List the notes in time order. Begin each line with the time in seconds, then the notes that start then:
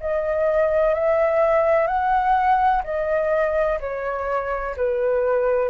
0.00 D#5
0.94 E5
1.87 F#5
2.84 D#5
3.80 C#5
4.76 B4